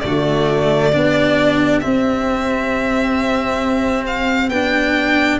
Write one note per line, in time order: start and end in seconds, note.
0.00 0.93 D3
0.00 0.92 A3
0.00 0.93 F#4
0.00 1.79 D5
0.93 1.84 B3
0.93 1.82 D4
0.93 5.40 G4
1.80 4.51 C4
1.80 4.49 C4
1.80 4.04 E5
4.07 4.49 F5
4.49 5.38 B3
4.49 5.40 D4
4.49 5.39 G5